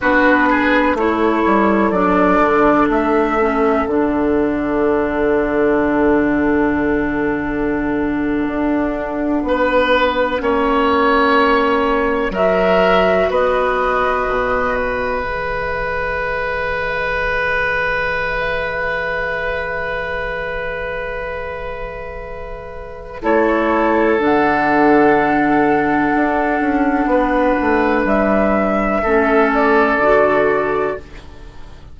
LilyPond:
<<
  \new Staff \with { instrumentName = "flute" } { \time 4/4 \tempo 4 = 62 b'4 cis''4 d''4 e''4 | fis''1~ | fis''1~ | fis''8. e''4 dis''4. e''8.~ |
e''1~ | e''1 | cis''4 fis''2.~ | fis''4 e''4. d''4. | }
  \new Staff \with { instrumentName = "oboe" } { \time 4/4 fis'8 gis'8 a'2.~ | a'1~ | a'4.~ a'16 b'4 cis''4~ cis''16~ | cis''8. ais'4 b'2~ b'16~ |
b'1~ | b'1 | a'1 | b'2 a'2 | }
  \new Staff \with { instrumentName = "clarinet" } { \time 4/4 d'4 e'4 d'4. cis'8 | d'1~ | d'2~ d'8. cis'4~ cis'16~ | cis'8. fis'2. gis'16~ |
gis'1~ | gis'1 | e'4 d'2.~ | d'2 cis'4 fis'4 | }
  \new Staff \with { instrumentName = "bassoon" } { \time 4/4 b4 a8 g8 fis8 d8 a4 | d1~ | d8. d'4 b4 ais4~ ais16~ | ais8. fis4 b4 b,4 e16~ |
e1~ | e1 | a4 d2 d'8 cis'8 | b8 a8 g4 a4 d4 | }
>>